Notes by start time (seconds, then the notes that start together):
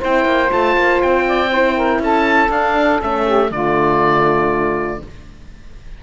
0.00 C4 E4 C5 G5
0.26 A#3
0.49 A3 F4 A5
0.77 A#3
1.02 C4 G5
1.28 D5
1.51 E4 C5
1.77 A#4
1.99 C#4 A4 A5
2.50 D4 F5
3.00 A3 C#4 E5
3.26 G4
3.52 D3 A3 F4 D5